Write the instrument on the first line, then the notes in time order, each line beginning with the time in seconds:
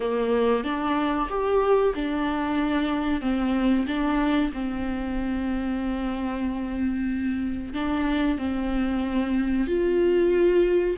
viola
0.00 A#3
0.64 D4
1.29 G4
1.94 D4
3.21 C4
3.87 D4
4.52 C4
7.73 D4
8.38 C4
9.67 F4